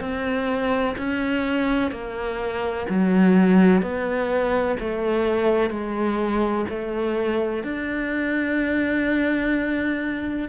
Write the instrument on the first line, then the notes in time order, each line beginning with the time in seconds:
cello
0.00 C4
0.98 C#4
1.91 A#3
2.90 F#3
3.82 B3
4.80 A3
5.70 G#3
6.70 A3
7.64 D4